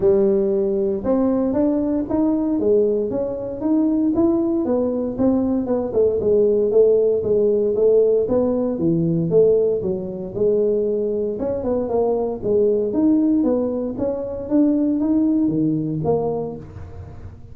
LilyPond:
\new Staff \with { instrumentName = "tuba" } { \time 4/4 \tempo 4 = 116 g2 c'4 d'4 | dis'4 gis4 cis'4 dis'4 | e'4 b4 c'4 b8 a8 | gis4 a4 gis4 a4 |
b4 e4 a4 fis4 | gis2 cis'8 b8 ais4 | gis4 dis'4 b4 cis'4 | d'4 dis'4 dis4 ais4 | }